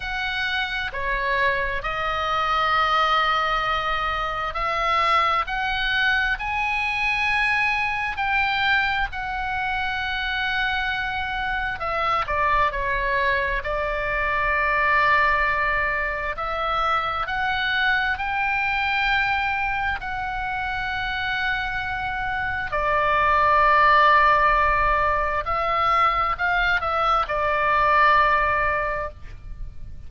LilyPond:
\new Staff \with { instrumentName = "oboe" } { \time 4/4 \tempo 4 = 66 fis''4 cis''4 dis''2~ | dis''4 e''4 fis''4 gis''4~ | gis''4 g''4 fis''2~ | fis''4 e''8 d''8 cis''4 d''4~ |
d''2 e''4 fis''4 | g''2 fis''2~ | fis''4 d''2. | e''4 f''8 e''8 d''2 | }